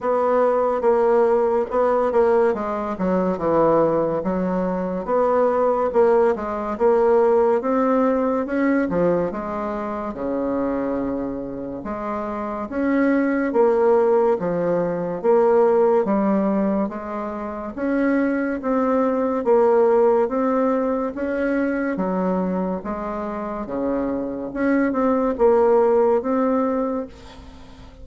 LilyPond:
\new Staff \with { instrumentName = "bassoon" } { \time 4/4 \tempo 4 = 71 b4 ais4 b8 ais8 gis8 fis8 | e4 fis4 b4 ais8 gis8 | ais4 c'4 cis'8 f8 gis4 | cis2 gis4 cis'4 |
ais4 f4 ais4 g4 | gis4 cis'4 c'4 ais4 | c'4 cis'4 fis4 gis4 | cis4 cis'8 c'8 ais4 c'4 | }